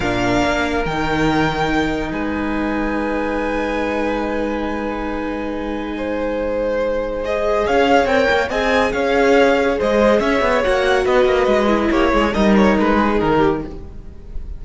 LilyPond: <<
  \new Staff \with { instrumentName = "violin" } { \time 4/4 \tempo 4 = 141 f''2 g''2~ | g''4 gis''2.~ | gis''1~ | gis''1~ |
gis''4 dis''4 f''4 g''4 | gis''4 f''2 dis''4 | e''4 fis''4 dis''2 | cis''4 dis''8 cis''8 b'4 ais'4 | }
  \new Staff \with { instrumentName = "violin" } { \time 4/4 ais'1~ | ais'4 b'2.~ | b'1~ | b'2 c''2~ |
c''2 cis''2 | dis''4 cis''2 c''4 | cis''2 b'2 | g'8 gis'8 ais'4. gis'4 g'8 | }
  \new Staff \with { instrumentName = "viola" } { \time 4/4 d'2 dis'2~ | dis'1~ | dis'1~ | dis'1~ |
dis'4 gis'2 ais'4 | gis'1~ | gis'4 fis'2~ fis'8 e'8~ | e'4 dis'2. | }
  \new Staff \with { instrumentName = "cello" } { \time 4/4 ais,4 ais4 dis2~ | dis4 gis2.~ | gis1~ | gis1~ |
gis2 cis'4 c'8 ais8 | c'4 cis'2 gis4 | cis'8 b8 ais4 b8 ais8 gis4 | ais8 gis8 g4 gis4 dis4 | }
>>